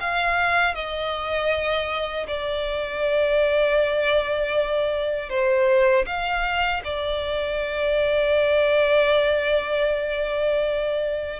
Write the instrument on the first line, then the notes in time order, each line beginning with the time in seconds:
violin
0.00 F5
0.75 D#5
2.27 D5
5.29 C5
6.06 F5
6.84 D5